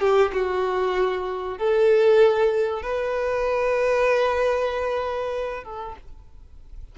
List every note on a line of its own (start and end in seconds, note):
0.00 0.31 G4
0.32 1.57 F#4
1.58 2.82 A4
2.82 5.63 B4
5.64 5.95 A4